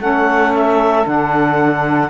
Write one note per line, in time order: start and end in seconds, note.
0.00 1.05 A3
0.00 1.05 C#4
0.00 2.10 A4
0.00 0.54 F#5
0.55 1.07 E5
1.05 2.10 D3
1.05 2.10 D4
1.05 2.10 F#5